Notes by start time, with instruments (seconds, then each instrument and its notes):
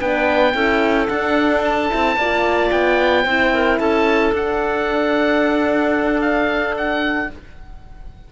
0.00 cello B3, horn D4, clarinet B4, oboe G5
0.54 cello C#4, horn E4, clarinet A4
1.07 horn D4, cello D4, oboe F#5
1.64 oboe A5
1.89 cello C4, horn E4
2.16 cello A#3, horn F4, clarinet D5
2.71 cello B3, oboe G5
3.23 cello C4, horn E4, clarinet C5
3.53 clarinet A#4
3.79 cello C#4, clarinet A4, oboe A5
4.32 cello D4, horn D4, oboe F#5
6.21 oboe F5
6.77 oboe F#5